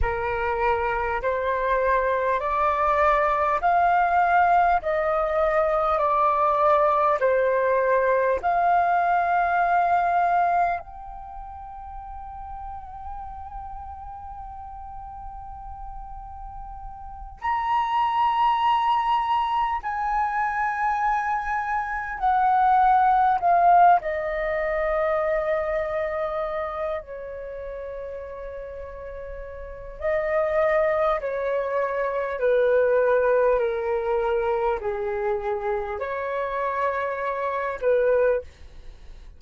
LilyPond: \new Staff \with { instrumentName = "flute" } { \time 4/4 \tempo 4 = 50 ais'4 c''4 d''4 f''4 | dis''4 d''4 c''4 f''4~ | f''4 g''2.~ | g''2~ g''8 ais''4.~ |
ais''8 gis''2 fis''4 f''8 | dis''2~ dis''8 cis''4.~ | cis''4 dis''4 cis''4 b'4 | ais'4 gis'4 cis''4. b'8 | }